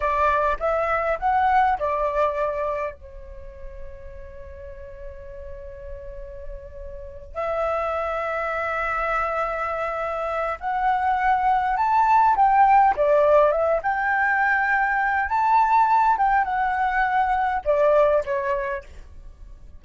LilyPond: \new Staff \with { instrumentName = "flute" } { \time 4/4 \tempo 4 = 102 d''4 e''4 fis''4 d''4~ | d''4 cis''2.~ | cis''1~ | cis''8 e''2.~ e''8~ |
e''2 fis''2 | a''4 g''4 d''4 e''8 g''8~ | g''2 a''4. g''8 | fis''2 d''4 cis''4 | }